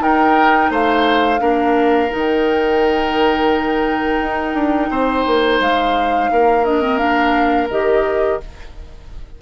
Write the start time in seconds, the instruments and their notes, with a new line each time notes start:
0.00 clarinet D#4, bassoon D#4, oboe A#4, flute G5
0.70 bassoon A3, oboe C5, flute F5
1.39 bassoon A#3, clarinet D4, oboe A#4
2.10 bassoon D#3, clarinet D#4, flute G5
4.21 bassoon D#4
4.54 bassoon D4
4.91 bassoon C4, oboe C5
5.27 bassoon A#3
5.61 bassoon G#3, flute F5
6.32 bassoon A#3, oboe A#4
6.65 clarinet D4, flute D#5
6.82 clarinet C4
6.98 clarinet D4, flute F5
7.70 bassoon D#3, clarinet G4, flute D#5